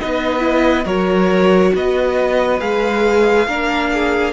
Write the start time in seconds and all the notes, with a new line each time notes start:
0.00 B3 D#4 B4 D#5
0.39 E4
0.85 F#3 F#4 A#4 C#5
1.74 B3 B4 D#5
2.59 G#3 G#4 F5
3.47 A#3 D4 A#4
3.93 G#4